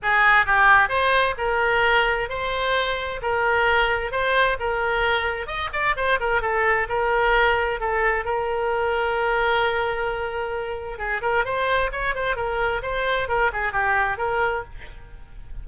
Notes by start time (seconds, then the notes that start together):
0.02 G#4
0.45 G4
0.88 C5
1.37 A#4
2.29 C5
3.22 A#4
4.11 C5
4.59 A#4
5.46 D#5
5.72 D5
5.96 C5
6.19 A#4
6.41 A4
6.88 A#4
7.79 A4
8.24 A#4
10.98 G#4
11.21 A#4
11.45 C5
11.91 C#5
12.14 C5
12.35 A#4
12.82 C5
13.28 A#4
13.52 G#4
13.72 G4
14.17 A#4